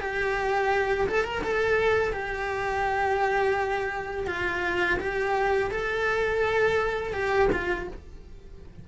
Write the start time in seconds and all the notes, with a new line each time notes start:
0.00 G4
1.08 A4
1.24 A#4
1.43 A4
2.13 G4
4.27 F4
4.99 G4
5.71 A4
7.13 G4
7.52 F4